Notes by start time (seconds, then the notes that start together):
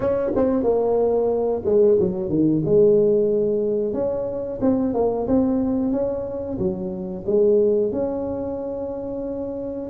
0.00 C#4
0.35 C4
0.63 A#3
1.65 G#3
1.99 F#3
2.29 D#3
2.65 G#3
3.93 C#4
4.61 C4
4.94 A#3
5.27 C4
5.92 C#4
6.58 F#3
7.26 G#3
7.92 C#4